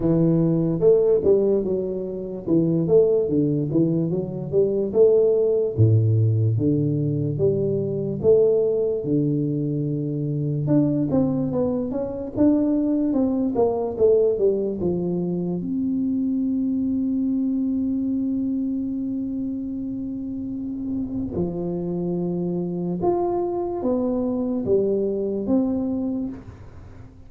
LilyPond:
\new Staff \with { instrumentName = "tuba" } { \time 4/4 \tempo 4 = 73 e4 a8 g8 fis4 e8 a8 | d8 e8 fis8 g8 a4 a,4 | d4 g4 a4 d4~ | d4 d'8 c'8 b8 cis'8 d'4 |
c'8 ais8 a8 g8 f4 c'4~ | c'1~ | c'2 f2 | f'4 b4 g4 c'4 | }